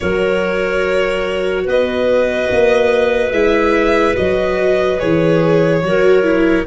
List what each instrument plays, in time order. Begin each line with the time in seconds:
0.00 tuba F#3, viola F#4, clarinet A#4, violin C#5
1.64 tuba B3, clarinet B4, violin D#5
2.51 tuba A#3
3.31 tuba G#3, viola E4, violin E5
4.14 tuba F#3, viola F#4, violin D#5
4.99 tuba E3, viola G#4, violin C#5
5.82 tuba F#3, viola F#4, clarinet A#4
6.23 viola E4